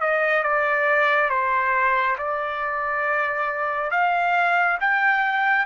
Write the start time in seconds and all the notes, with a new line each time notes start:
0.00 D#5
0.43 D5
1.29 C5
2.18 D5
3.91 F5
4.80 G5